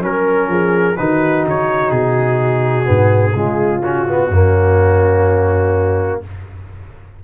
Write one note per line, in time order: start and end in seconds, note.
0.00 0.47 F#3
0.00 0.95 C#4
0.00 0.96 A#4
0.00 0.50 A#4
0.47 0.95 F3
0.47 0.97 G#4
0.96 1.45 D#3
0.96 2.84 D#4
0.96 3.35 F#4
0.96 1.44 B4
1.45 1.91 C#3
1.45 1.90 C#5
1.90 2.86 B2
1.90 3.81 G#4
2.84 3.35 G#2
2.84 3.32 B3
3.34 4.29 C#3
3.34 3.82 G#3
3.34 4.30 F4
3.82 4.07 C#4
3.82 6.20 F#4
4.08 4.31 B3
4.29 6.19 F#2
4.29 6.23 A#3
4.29 6.21 C#4